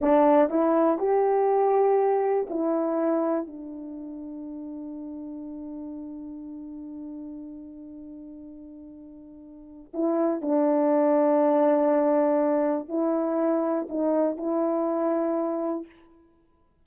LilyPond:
\new Staff \with { instrumentName = "horn" } { \time 4/4 \tempo 4 = 121 d'4 e'4 g'2~ | g'4 e'2 d'4~ | d'1~ | d'1~ |
d'1 | e'4 d'2.~ | d'2 e'2 | dis'4 e'2. | }